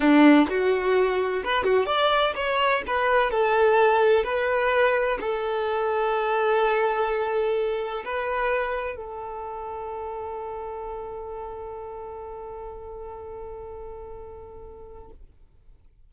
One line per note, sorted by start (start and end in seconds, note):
0.00 0.47 D4
0.49 1.43 F#4
1.44 1.64 B4
1.64 1.86 F#4
1.86 2.33 D5
2.35 2.82 C#5
2.86 3.30 B4
3.30 4.23 A4
4.23 5.18 B4
5.20 8.03 A4
8.04 8.96 B4
8.96 15.10 A4